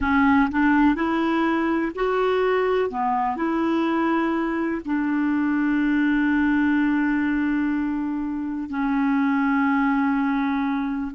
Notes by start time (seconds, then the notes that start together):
0.00 C#4
0.51 D4
0.95 E4
1.95 F#4
2.89 B3
3.36 E4
4.85 D4
8.69 C#4